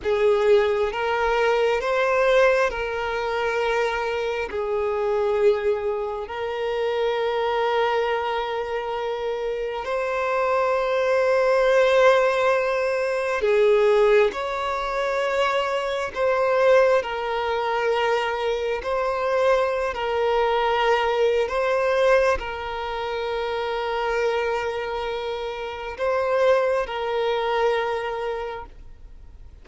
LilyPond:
\new Staff \with { instrumentName = "violin" } { \time 4/4 \tempo 4 = 67 gis'4 ais'4 c''4 ais'4~ | ais'4 gis'2 ais'4~ | ais'2. c''4~ | c''2. gis'4 |
cis''2 c''4 ais'4~ | ais'4 c''4~ c''16 ais'4.~ ais'16 | c''4 ais'2.~ | ais'4 c''4 ais'2 | }